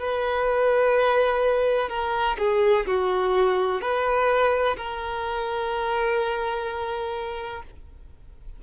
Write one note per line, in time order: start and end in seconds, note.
0.00 1.90 B4
1.90 2.37 A#4
2.39 2.86 G#4
2.87 3.81 F#4
3.81 4.77 B4
4.77 7.63 A#4